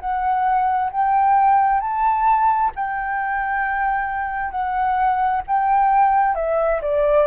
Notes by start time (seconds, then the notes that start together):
0.00 F#5
0.91 G5
1.81 A5
2.76 G5
4.51 F#5
5.48 G5
6.36 E5
6.82 D5